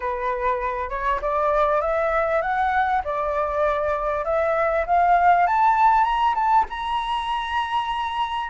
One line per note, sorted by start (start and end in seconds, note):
0.00 0.89 B4
0.89 1.20 C#5
1.21 1.81 D5
1.81 2.41 E5
2.41 3.02 F#5
3.04 4.24 D5
4.24 4.85 E5
4.86 5.47 F5
5.47 6.04 A5
6.04 6.34 A#5
6.34 6.65 A5
6.69 8.49 A#5